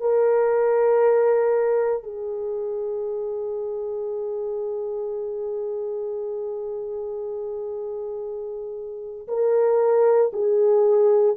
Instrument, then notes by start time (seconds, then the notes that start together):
horn
0.00 A#4
2.03 G#4
9.28 A#4
10.33 G#4